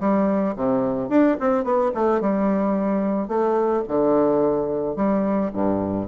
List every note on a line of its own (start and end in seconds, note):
0.00 0.55 G3
0.56 1.09 C3
1.09 1.37 D4
1.40 1.64 C4
1.64 1.91 B3
1.94 2.21 A3
2.21 3.28 G3
3.28 3.83 A3
3.88 4.96 D3
4.96 5.51 G3
5.53 6.08 G2